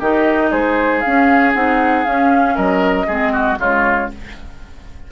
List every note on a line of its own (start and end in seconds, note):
0.00 0.52 D#3
0.00 1.04 D#4
0.00 0.51 G4
0.00 0.53 D#5
0.51 1.03 G#3
0.51 2.55 G#4
0.51 1.01 C5
1.01 1.54 C#4
1.01 1.52 F5
1.07 1.55 C#4
1.54 2.06 C4
1.54 2.05 D#4
1.54 2.05 F#5
2.05 3.08 C#4
2.05 2.57 C#4
2.05 2.56 F5
2.55 3.08 F#3
2.55 3.06 A#4
2.55 3.58 D#5
3.07 3.59 G#3
3.07 3.57 C4
3.07 3.33 G#4
3.33 3.58 F#4
3.57 4.11 C#3
3.57 4.09 G#3
3.57 4.11 F4
3.57 4.12 C#5